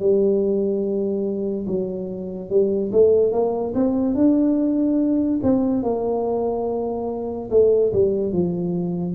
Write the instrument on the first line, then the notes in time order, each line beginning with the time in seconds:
tuba
0.00 G3
1.67 F#3
2.50 G3
2.92 A3
3.32 A#3
3.75 C4
4.15 D4
5.43 C4
5.83 A#3
7.51 A3
7.93 G3
8.33 F3